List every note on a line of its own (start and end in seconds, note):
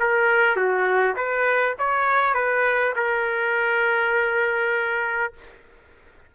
0.00 0.56 A#4
0.56 1.16 F#4
1.16 1.76 B4
1.79 2.34 C#5
2.34 2.94 B4
2.96 5.33 A#4